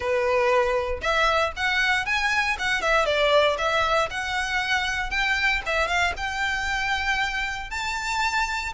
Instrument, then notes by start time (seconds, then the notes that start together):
violin
0.00 B4
1.01 E5
1.56 F#5
2.05 G#5
2.58 F#5
2.81 E5
3.05 D5
3.58 E5
4.10 F#5
5.10 G5
5.66 E5
5.87 F5
6.16 G5
7.70 A5